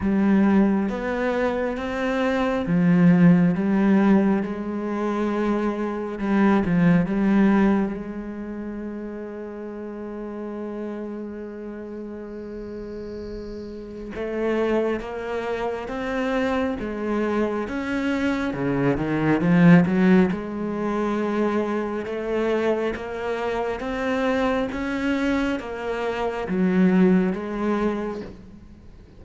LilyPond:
\new Staff \with { instrumentName = "cello" } { \time 4/4 \tempo 4 = 68 g4 b4 c'4 f4 | g4 gis2 g8 f8 | g4 gis2.~ | gis1 |
a4 ais4 c'4 gis4 | cis'4 cis8 dis8 f8 fis8 gis4~ | gis4 a4 ais4 c'4 | cis'4 ais4 fis4 gis4 | }